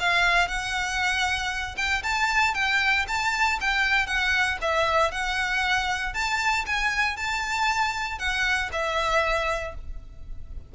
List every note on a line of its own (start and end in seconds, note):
0.00 0.48 F5
0.48 1.76 F#5
1.77 2.03 G5
2.03 2.55 A5
2.55 3.06 G5
3.08 3.59 A5
3.61 4.07 G5
4.07 4.58 F#5
4.62 5.11 E5
5.11 6.14 F#5
6.14 6.65 A5
6.66 7.17 G#5
7.17 8.19 A5
8.19 8.70 F#5
8.72 9.75 E5